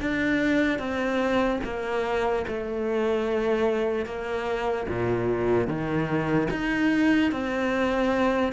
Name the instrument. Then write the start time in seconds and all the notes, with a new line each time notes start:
cello
0.00 D4
0.79 C4
1.64 A#3
2.47 A3
4.05 A#3
4.88 A#2
5.67 D#3
6.50 D#4
7.31 C4